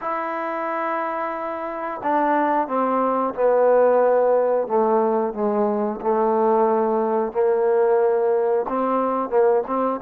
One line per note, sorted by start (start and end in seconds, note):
0.01 2.01 E4
2.03 2.67 D4
2.67 3.34 C4
3.34 4.67 B3
4.67 5.33 A3
5.33 6.00 G#3
6.01 7.32 A3
7.32 8.65 A#3
8.68 9.29 C4
9.29 9.63 A#3
9.67 10.00 C4